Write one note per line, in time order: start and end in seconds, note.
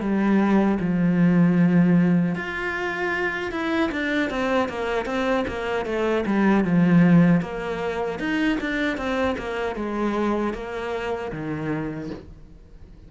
0.00 0.78 G3
0.80 2.35 F3
2.35 3.51 F4
3.51 3.90 E4
3.91 4.30 D4
4.30 4.68 C4
4.68 5.05 A#3
5.05 5.44 C4
5.47 5.85 A#3
5.85 6.24 A3
6.26 6.64 G3
6.64 7.41 F3
7.41 8.19 A#3
8.19 8.58 D#4
8.60 8.97 D4
8.97 9.36 C4
9.38 9.75 A#3
9.75 10.53 G#3
10.53 11.31 A#3
11.32 12.10 D#3